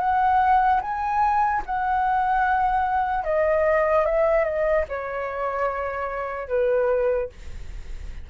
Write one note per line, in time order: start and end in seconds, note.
0.00 0.81 F#5
0.82 1.63 G#5
1.66 3.25 F#5
3.25 4.06 D#5
4.06 4.44 E5
4.44 4.85 D#5
4.89 6.49 C#5
6.49 7.30 B4